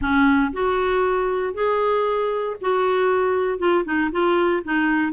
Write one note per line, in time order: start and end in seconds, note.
0.01 0.52 C#4
0.53 1.54 F#4
1.54 2.56 G#4
2.61 3.59 F#4
3.59 3.84 F4
3.84 4.10 D#4
4.11 4.63 F4
4.64 5.12 D#4